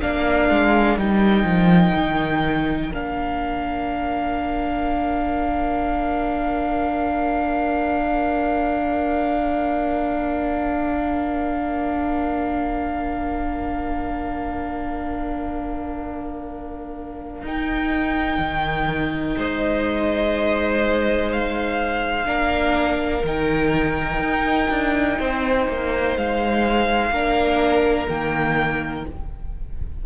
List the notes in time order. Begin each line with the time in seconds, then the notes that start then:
0.00 A#3 D4 A#4 F5
0.49 G#3
0.97 G3 D#4 G5
1.43 F3
1.94 D#3
2.93 A#3 D4 F5
17.42 D#4 G5
18.38 D#3
19.36 G#3 C5 D#5
21.32 F5
22.24 A#3 D4 A#4
23.23 D#3 D#4 G5
24.19 D#4
24.69 D4
25.20 C4 C5
25.68 A#3
26.16 G#3 F5
27.10 A#3 D4 A#4
28.08 D#3 A#3 G5